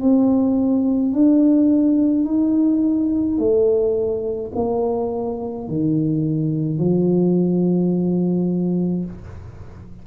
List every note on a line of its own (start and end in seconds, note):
0.00 1.13 C4
1.13 2.24 D4
2.24 3.38 D#4
3.38 4.51 A3
4.54 5.68 A#3
5.68 6.78 D#3
6.78 9.05 F3